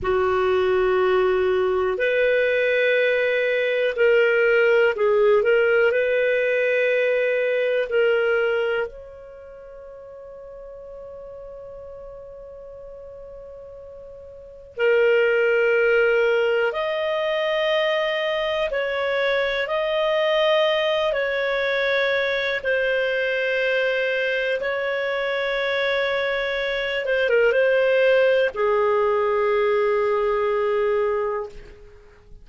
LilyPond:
\new Staff \with { instrumentName = "clarinet" } { \time 4/4 \tempo 4 = 61 fis'2 b'2 | ais'4 gis'8 ais'8 b'2 | ais'4 cis''2.~ | cis''2. ais'4~ |
ais'4 dis''2 cis''4 | dis''4. cis''4. c''4~ | c''4 cis''2~ cis''8 c''16 ais'16 | c''4 gis'2. | }